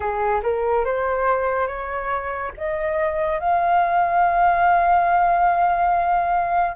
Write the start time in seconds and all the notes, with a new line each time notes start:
0.00 G#4
0.42 A#4
0.85 C5
1.67 C#5
2.57 D#5
3.39 F5